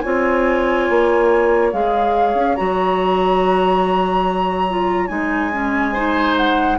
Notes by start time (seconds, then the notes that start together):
0.00 C4 F4 C#5 G#5
0.90 A#3
1.73 G#3 G#4 F5
2.35 C#4
2.56 F#3 F#4 A#5
4.69 F4
5.08 G#3 D#4 G#5
5.53 C#4
5.93 D#4 C5
6.37 F#5